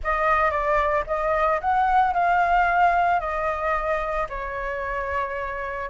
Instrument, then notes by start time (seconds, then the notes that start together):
flute
0.03 D#5
0.50 D5
1.07 D#5
1.60 F#5
2.13 F5
3.20 D#5
4.29 C#5